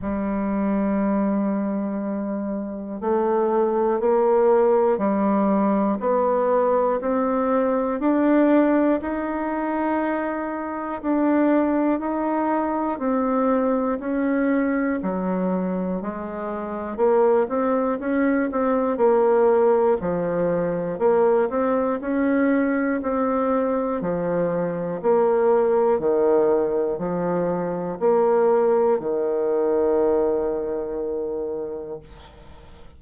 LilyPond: \new Staff \with { instrumentName = "bassoon" } { \time 4/4 \tempo 4 = 60 g2. a4 | ais4 g4 b4 c'4 | d'4 dis'2 d'4 | dis'4 c'4 cis'4 fis4 |
gis4 ais8 c'8 cis'8 c'8 ais4 | f4 ais8 c'8 cis'4 c'4 | f4 ais4 dis4 f4 | ais4 dis2. | }